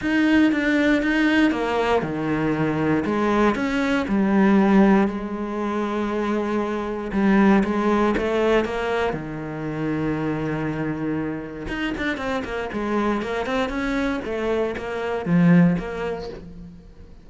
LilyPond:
\new Staff \with { instrumentName = "cello" } { \time 4/4 \tempo 4 = 118 dis'4 d'4 dis'4 ais4 | dis2 gis4 cis'4 | g2 gis2~ | gis2 g4 gis4 |
a4 ais4 dis2~ | dis2. dis'8 d'8 | c'8 ais8 gis4 ais8 c'8 cis'4 | a4 ais4 f4 ais4 | }